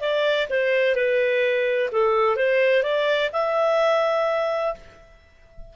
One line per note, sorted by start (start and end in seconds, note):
0.00 0.47 D5
0.50 0.95 C5
0.95 1.90 B4
1.92 2.36 A4
2.36 2.83 C5
2.83 3.30 D5
3.32 4.74 E5